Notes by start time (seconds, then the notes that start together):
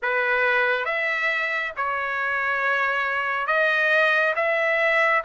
0.02 B4
0.85 E5
1.76 C#5
3.47 D#5
4.35 E5